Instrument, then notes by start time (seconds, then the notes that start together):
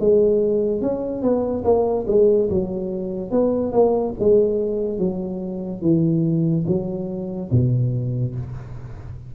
tuba
0.00 G#3
0.82 C#4
1.23 B3
1.64 A#3
2.08 G#3
2.50 F#3
3.31 B3
3.73 A#3
4.20 G#3
4.99 F#3
5.82 E3
6.68 F#3
7.52 B2